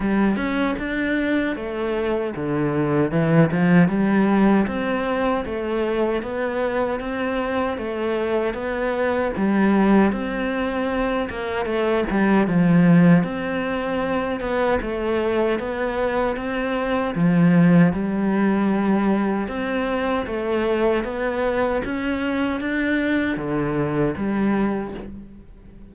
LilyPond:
\new Staff \with { instrumentName = "cello" } { \time 4/4 \tempo 4 = 77 g8 cis'8 d'4 a4 d4 | e8 f8 g4 c'4 a4 | b4 c'4 a4 b4 | g4 c'4. ais8 a8 g8 |
f4 c'4. b8 a4 | b4 c'4 f4 g4~ | g4 c'4 a4 b4 | cis'4 d'4 d4 g4 | }